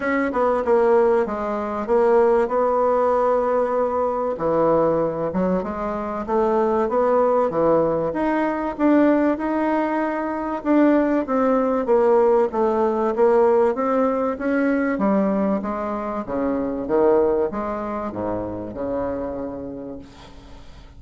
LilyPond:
\new Staff \with { instrumentName = "bassoon" } { \time 4/4 \tempo 4 = 96 cis'8 b8 ais4 gis4 ais4 | b2. e4~ | e8 fis8 gis4 a4 b4 | e4 dis'4 d'4 dis'4~ |
dis'4 d'4 c'4 ais4 | a4 ais4 c'4 cis'4 | g4 gis4 cis4 dis4 | gis4 gis,4 cis2 | }